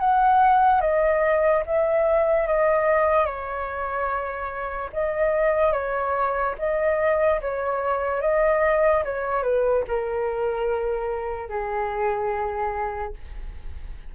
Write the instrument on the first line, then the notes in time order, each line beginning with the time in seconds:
flute
0.00 F#5
0.81 D#5
1.66 E5
2.48 D#5
3.26 C#5
4.94 D#5
5.73 C#5
6.59 D#5
7.42 C#5
8.22 D#5
9.05 C#5
9.43 B4
9.88 A#4
11.50 G#4